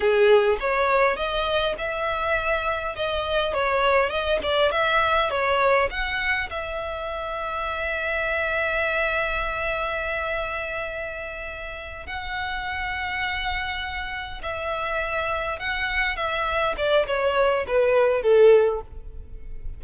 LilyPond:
\new Staff \with { instrumentName = "violin" } { \time 4/4 \tempo 4 = 102 gis'4 cis''4 dis''4 e''4~ | e''4 dis''4 cis''4 dis''8 d''8 | e''4 cis''4 fis''4 e''4~ | e''1~ |
e''1~ | e''8 fis''2.~ fis''8~ | fis''8 e''2 fis''4 e''8~ | e''8 d''8 cis''4 b'4 a'4 | }